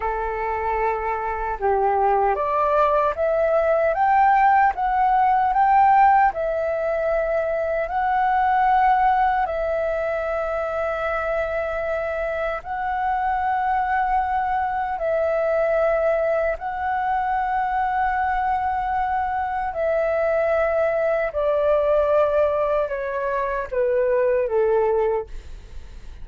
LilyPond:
\new Staff \with { instrumentName = "flute" } { \time 4/4 \tempo 4 = 76 a'2 g'4 d''4 | e''4 g''4 fis''4 g''4 | e''2 fis''2 | e''1 |
fis''2. e''4~ | e''4 fis''2.~ | fis''4 e''2 d''4~ | d''4 cis''4 b'4 a'4 | }